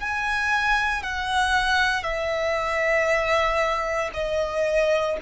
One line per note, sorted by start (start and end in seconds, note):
0.00 1.03 G#5
1.03 2.04 F#5
2.04 4.11 E5
4.14 5.17 D#5